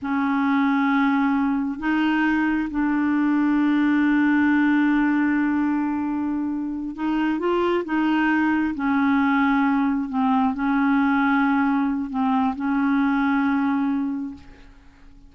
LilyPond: \new Staff \with { instrumentName = "clarinet" } { \time 4/4 \tempo 4 = 134 cis'1 | dis'2 d'2~ | d'1~ | d'2.~ d'8 dis'8~ |
dis'8 f'4 dis'2 cis'8~ | cis'2~ cis'8 c'4 cis'8~ | cis'2. c'4 | cis'1 | }